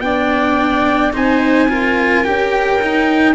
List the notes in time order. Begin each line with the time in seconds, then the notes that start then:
0.00 B3 D4 D5 G5
1.12 C4 D#4 C5 G#5
1.68 F4 A#4
2.23 C#4 G4 G5
2.82 D#4